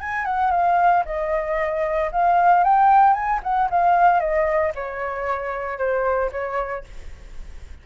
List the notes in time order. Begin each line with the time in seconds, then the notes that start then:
0.00 G#5
0.24 F#5
0.51 F5
1.05 D#5
2.11 F5
2.63 G5
3.13 G#5
3.43 F#5
3.70 F5
4.19 D#5
4.74 C#5
5.78 C5
6.31 C#5